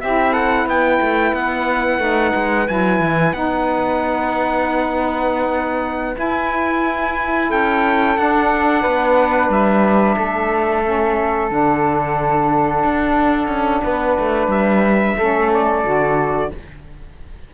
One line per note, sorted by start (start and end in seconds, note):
0.00 0.66 C4
0.00 2.00 E4
0.00 0.32 G4
0.00 0.33 E5
0.32 0.65 A4
0.32 0.67 F#5
0.65 0.99 B3
0.65 7.48 B4
0.65 1.34 G5
1.00 1.33 A3
1.33 1.98 B3
1.33 2.68 F#5
1.98 2.32 A3
1.98 2.66 D#4
2.35 2.69 G#3
2.67 3.00 F#3
2.67 3.33 E4
2.67 3.33 G#5
3.00 3.32 E3
3.32 6.16 B3
3.32 6.15 D#4
3.32 6.17 F#5
6.15 8.15 E4
6.15 7.51 E4
6.15 7.51 G#5
7.49 8.18 C#4
7.49 8.82 A4
7.49 8.17 G5
8.16 10.82 D4
8.16 8.85 D4
8.16 9.51 F#5
8.82 9.49 B3
8.82 10.15 B4
9.49 10.15 G3
9.49 11.52 E5
10.16 11.50 A3
10.16 13.82 A4
10.83 11.49 C#4
11.49 12.83 D3
11.49 15.16 D4
11.49 14.51 F#5
12.83 13.47 D4
13.47 13.81 C#4
13.84 14.18 B3
13.84 15.17 B4
14.19 14.47 A3
14.47 15.14 G3
14.47 15.51 E5
15.17 15.84 A3
15.17 15.84 C#4
15.17 16.51 A4
15.54 16.54 D5
15.84 16.51 D3
15.84 16.51 F#4